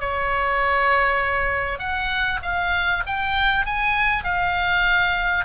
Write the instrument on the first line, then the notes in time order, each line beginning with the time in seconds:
oboe
0.00 C#5
1.79 F#5
2.42 F5
3.06 G5
3.66 G#5
4.24 F5